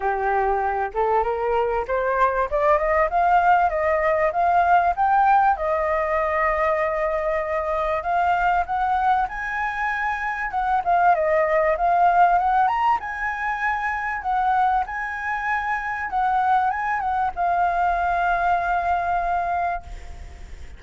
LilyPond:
\new Staff \with { instrumentName = "flute" } { \time 4/4 \tempo 4 = 97 g'4. a'8 ais'4 c''4 | d''8 dis''8 f''4 dis''4 f''4 | g''4 dis''2.~ | dis''4 f''4 fis''4 gis''4~ |
gis''4 fis''8 f''8 dis''4 f''4 | fis''8 ais''8 gis''2 fis''4 | gis''2 fis''4 gis''8 fis''8 | f''1 | }